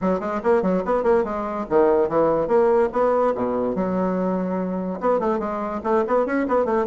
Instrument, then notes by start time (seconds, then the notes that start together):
bassoon
0.01 F#3
0.20 G#3
0.43 A#3
0.62 F#3
0.85 B3
1.03 A#3
1.24 G#3
1.69 D#3
2.08 E3
2.47 A#3
2.92 B3
3.34 B2
3.75 F#3
5.00 B3
5.19 A3
5.39 G#3
5.83 A3
6.07 B3
6.25 C#4
6.48 B3
6.65 A3